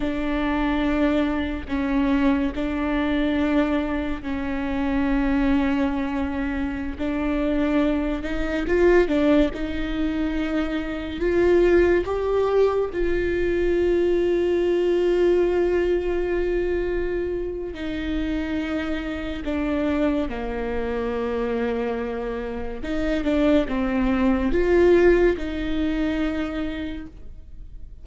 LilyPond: \new Staff \with { instrumentName = "viola" } { \time 4/4 \tempo 4 = 71 d'2 cis'4 d'4~ | d'4 cis'2.~ | cis'16 d'4. dis'8 f'8 d'8 dis'8.~ | dis'4~ dis'16 f'4 g'4 f'8.~ |
f'1~ | f'4 dis'2 d'4 | ais2. dis'8 d'8 | c'4 f'4 dis'2 | }